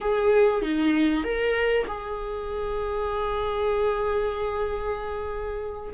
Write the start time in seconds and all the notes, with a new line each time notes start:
0.01 G#4
0.61 D#4
1.24 A#4
1.87 G#4